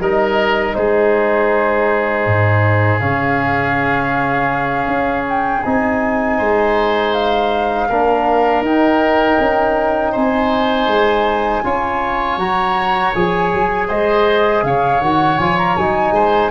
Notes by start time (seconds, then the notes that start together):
0.00 G3 D#4 A#4 D#5
0.74 G#3 G#4 C5
2.26 G#2
2.99 C#3 C#4 F5
4.86 C#4
5.28 G5
5.63 C4 D#4 G#5
6.38 G#3 C5
7.13 F5
7.88 A#3 D4 A#4
8.61 D#4 G5
9.40 C#4
10.12 C4 C5 G#5
10.87 G#3
11.64 C#4 F4 C#5
12.37 F#3 F#4 A#5
13.14 F3 G#4 G#5
13.53 F#3
13.88 G#3 C5 D#5
14.63 C#3 C#5 F5
15.01 D#3 F#4 F#5
15.38 F3 F4 G#5
15.58 A#5
15.77 F#3 D#4 G#5
16.11 G#3 C5